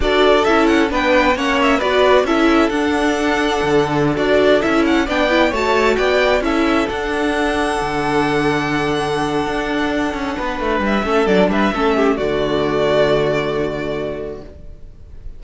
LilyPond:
<<
  \new Staff \with { instrumentName = "violin" } { \time 4/4 \tempo 4 = 133 d''4 e''8 fis''8 g''4 fis''8 e''8 | d''4 e''4 fis''2~ | fis''4~ fis''16 d''4 e''8 fis''8 g''8.~ | g''16 a''4 g''4 e''4 fis''8.~ |
fis''1~ | fis''1 | e''4 d''8 e''4. d''4~ | d''1 | }
  \new Staff \with { instrumentName = "violin" } { \time 4/4 a'2 b'4 cis''4 | b'4 a'2.~ | a'2.~ a'16 d''8.~ | d''16 cis''4 d''4 a'4.~ a'16~ |
a'1~ | a'2. b'4~ | b'8 a'4 b'8 a'8 g'8 fis'4~ | fis'1 | }
  \new Staff \with { instrumentName = "viola" } { \time 4/4 fis'4 e'4 d'4 cis'4 | fis'4 e'4 d'2~ | d'4~ d'16 fis'4 e'4 d'8 e'16~ | e'16 fis'2 e'4 d'8.~ |
d'1~ | d'1~ | d'8 cis'8 d'4 cis'4 a4~ | a1 | }
  \new Staff \with { instrumentName = "cello" } { \time 4/4 d'4 cis'4 b4 ais4 | b4 cis'4 d'2 | d4~ d16 d'4 cis'4 b8.~ | b16 a4 b4 cis'4 d'8.~ |
d'4~ d'16 d2~ d8.~ | d4 d'4. cis'8 b8 a8 | g8 a8 fis8 g8 a4 d4~ | d1 | }
>>